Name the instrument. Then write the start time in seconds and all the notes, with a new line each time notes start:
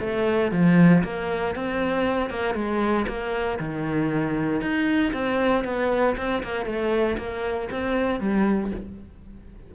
cello
0.00 A3
0.52 F3
1.04 A#3
1.55 C4
2.30 A#3
2.55 G#3
3.07 A#3
3.59 D#3
4.61 D#4
5.13 C4
5.64 B3
6.17 C4
6.43 A#3
6.65 A3
7.17 A#3
7.71 C4
8.20 G3